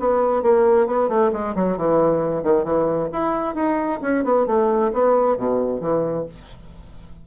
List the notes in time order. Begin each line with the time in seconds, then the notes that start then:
0.00 B3
0.43 A#3
0.87 B3
1.09 A3
1.33 G#3
1.55 F#3
1.77 E3
2.44 D#3
2.65 E3
3.13 E4
3.55 D#4
4.02 C#4
4.25 B3
4.47 A3
4.93 B3
5.37 B2
5.81 E3